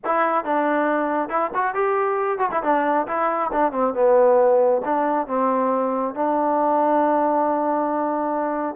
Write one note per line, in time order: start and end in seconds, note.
0.04 0.44 E4
0.44 1.29 D4
1.29 1.50 E4
1.54 1.74 F#4
1.74 2.38 G4
2.38 2.49 F#4
2.51 2.62 E4
2.63 3.06 D4
3.07 3.50 E4
3.52 3.72 D4
3.72 3.94 C4
3.94 4.81 B3
4.85 5.27 D4
5.27 6.14 C4
6.14 8.75 D4